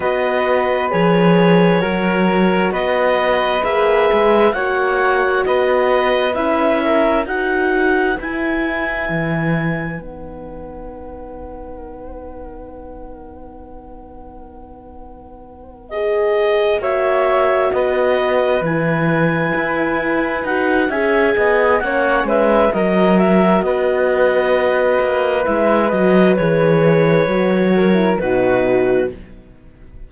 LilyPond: <<
  \new Staff \with { instrumentName = "clarinet" } { \time 4/4 \tempo 4 = 66 dis''4 cis''2 dis''4 | e''4 fis''4 dis''4 e''4 | fis''4 gis''2 fis''4~ | fis''1~ |
fis''4. dis''4 e''4 dis''8~ | dis''8 gis''2 fis''8 gis''4 | fis''8 e''8 dis''8 e''8 dis''2 | e''8 dis''8 cis''2 b'4 | }
  \new Staff \with { instrumentName = "flute" } { \time 4/4 b'2 ais'4 b'4~ | b'4 cis''4 b'4. ais'8 | b'1~ | b'1~ |
b'2~ b'8 cis''4 b'8~ | b'2. e''8 dis''8 | cis''8 b'8 ais'4 b'2~ | b'2~ b'8 ais'8 fis'4 | }
  \new Staff \with { instrumentName = "horn" } { \time 4/4 fis'4 gis'4 fis'2 | gis'4 fis'2 e'4 | fis'4 e'2 dis'4~ | dis'1~ |
dis'4. gis'4 fis'4.~ | fis'8 e'2 fis'8 gis'4 | cis'4 fis'2. | e'8 fis'8 gis'4 fis'8. e'16 dis'4 | }
  \new Staff \with { instrumentName = "cello" } { \time 4/4 b4 f4 fis4 b4 | ais8 gis8 ais4 b4 cis'4 | dis'4 e'4 e4 b4~ | b1~ |
b2~ b8 ais4 b8~ | b8 e4 e'4 dis'8 cis'8 b8 | ais8 gis8 fis4 b4. ais8 | gis8 fis8 e4 fis4 b,4 | }
>>